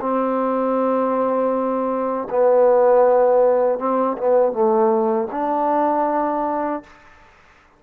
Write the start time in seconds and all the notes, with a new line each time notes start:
0.00 C4
2.29 B3
3.78 C4
4.17 B3
4.52 A3
5.31 D4